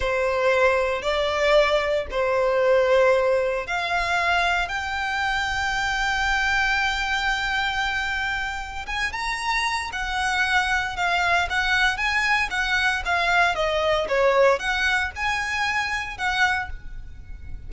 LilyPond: \new Staff \with { instrumentName = "violin" } { \time 4/4 \tempo 4 = 115 c''2 d''2 | c''2. f''4~ | f''4 g''2.~ | g''1~ |
g''4 gis''8 ais''4. fis''4~ | fis''4 f''4 fis''4 gis''4 | fis''4 f''4 dis''4 cis''4 | fis''4 gis''2 fis''4 | }